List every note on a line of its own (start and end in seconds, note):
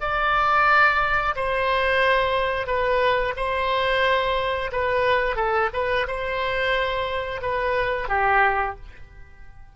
0.00 1.35 D5
1.35 2.67 C5
2.67 3.34 B4
3.36 4.71 C5
4.72 5.36 B4
5.36 5.69 A4
5.73 6.06 B4
6.07 7.41 C5
7.41 8.08 B4
8.08 8.75 G4